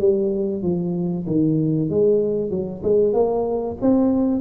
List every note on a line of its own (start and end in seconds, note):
0.00 0.63 G3
0.63 1.26 F3
1.27 1.90 D#3
1.90 2.51 G#3
2.51 2.82 F#3
2.84 3.14 G#3
3.14 3.77 A#3
3.82 4.41 C4